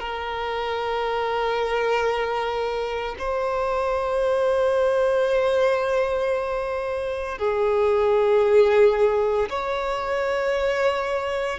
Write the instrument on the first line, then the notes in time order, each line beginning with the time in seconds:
violin
0.00 A#4
3.19 C5
7.39 G#4
9.50 C#5